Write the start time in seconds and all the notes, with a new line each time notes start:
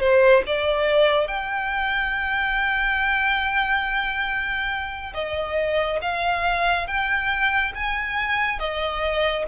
0.00 C5
0.46 D5
1.28 G5
5.14 D#5
6.02 F5
6.87 G5
7.75 G#5
8.59 D#5